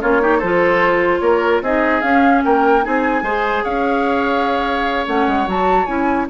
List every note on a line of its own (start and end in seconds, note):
0.00 0.42 A#3
0.00 0.20 C#4
0.00 0.21 F4
0.00 0.40 C#5
0.20 0.41 D#4
0.20 0.37 G4
0.37 1.20 F3
0.37 1.18 A4
0.37 1.20 C5
0.43 1.64 F4
1.20 1.61 A#3
1.20 1.62 A#4
1.20 1.61 C#5
1.61 2.02 C4
1.61 2.02 D#4
1.61 2.44 G#4
1.61 2.01 D#5
2.01 2.82 C#4
2.01 2.43 C#4
2.01 2.42 F5
2.44 2.86 A#3
2.44 2.84 A#4
2.44 2.84 G5
2.82 3.22 C4
2.82 3.22 D#4
2.82 3.23 G#4
2.82 3.64 G#5
3.22 3.63 G#3
3.22 5.07 G#4
3.22 3.63 C5
3.63 5.07 C#4
3.63 6.27 C#5
3.63 5.06 F5
5.07 5.27 A3
5.07 5.46 C#4
5.07 5.48 F#5
5.27 5.47 G#3
5.46 5.87 F#3
5.46 5.87 F#4
5.46 5.86 A5
5.86 6.28 C#4
5.86 6.27 E4
5.86 6.26 G#5